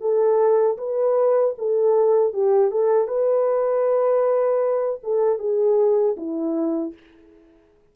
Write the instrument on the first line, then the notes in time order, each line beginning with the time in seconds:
horn
0.00 A4
0.78 B4
1.58 A4
2.33 G4
2.71 A4
3.07 B4
5.03 A4
5.39 G#4
6.17 E4